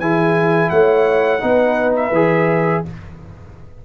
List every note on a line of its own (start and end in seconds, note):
0.00 0.71 E3
0.00 1.41 E4
0.00 0.71 G#4
0.00 0.70 G#5
0.70 1.42 A3
0.70 1.43 C#5
0.70 1.94 F#5
1.41 2.12 B3
1.41 2.11 D#4
1.41 2.85 B4
1.97 2.85 E5
2.12 2.82 E3
2.12 2.86 G#4